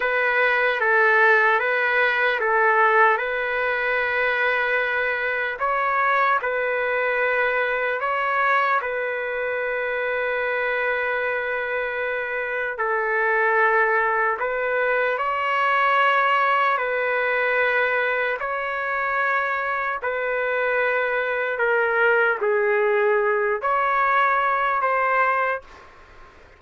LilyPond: \new Staff \with { instrumentName = "trumpet" } { \time 4/4 \tempo 4 = 75 b'4 a'4 b'4 a'4 | b'2. cis''4 | b'2 cis''4 b'4~ | b'1 |
a'2 b'4 cis''4~ | cis''4 b'2 cis''4~ | cis''4 b'2 ais'4 | gis'4. cis''4. c''4 | }